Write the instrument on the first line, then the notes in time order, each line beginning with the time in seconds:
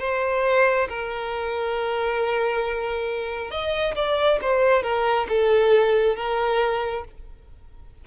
violin
0.00 C5
0.89 A#4
3.51 D#5
3.95 D5
4.42 C5
4.83 A#4
5.29 A4
6.16 A#4